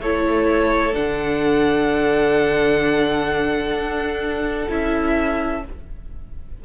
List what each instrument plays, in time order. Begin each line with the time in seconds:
0.00 cello A3, viola E4, violin A4 C#5
0.92 cello D3, viola D4, violin F#5
3.74 cello D4
4.69 cello C#4, viola E4, violin E5